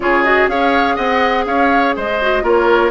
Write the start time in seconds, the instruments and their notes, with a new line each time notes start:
0.00 bassoon C#3, clarinet F4, oboe G#4, flute C#5
0.23 clarinet F#4, flute D#5
0.47 bassoon C#4, clarinet G#4, oboe C#5, flute F5
0.95 bassoon C4, oboe D#5, flute F#5
1.45 bassoon C#4, oboe C#5, flute F5
1.96 bassoon G#3, oboe C5, flute D#5
2.21 clarinet F#4
2.42 bassoon A#3, clarinet F4, oboe A#4, flute C#5